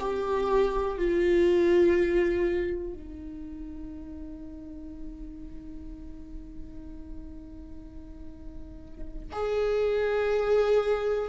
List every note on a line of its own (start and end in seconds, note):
0.00 0.98 G4
0.98 2.94 F4
2.94 9.33 D#4
9.33 11.29 G#4